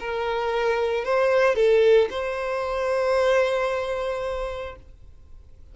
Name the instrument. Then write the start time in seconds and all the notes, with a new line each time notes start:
violin
0.00 A#4
1.05 C5
1.56 A4
2.11 C5